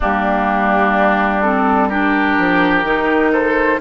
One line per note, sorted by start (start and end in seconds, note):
0.00 2.38 G3
0.00 1.43 A#3
0.00 1.88 D4
0.00 1.42 G4
1.42 1.90 C4
1.42 1.89 A4
1.88 2.85 D4
1.88 3.31 G4
1.88 3.32 A#4
2.38 2.83 F3
2.83 3.78 D#3
2.83 3.80 D#4
3.32 3.80 A4
3.32 3.80 C5